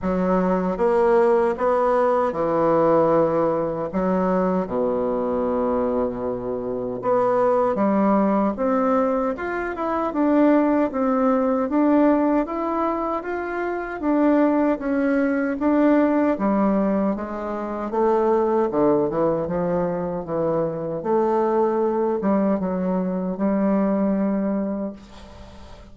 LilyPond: \new Staff \with { instrumentName = "bassoon" } { \time 4/4 \tempo 4 = 77 fis4 ais4 b4 e4~ | e4 fis4 b,2~ | b,4 b4 g4 c'4 | f'8 e'8 d'4 c'4 d'4 |
e'4 f'4 d'4 cis'4 | d'4 g4 gis4 a4 | d8 e8 f4 e4 a4~ | a8 g8 fis4 g2 | }